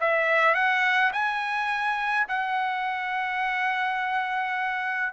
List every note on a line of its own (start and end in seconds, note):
0.00 0.54 E5
0.54 1.11 F#5
1.12 2.26 G#5
2.28 5.12 F#5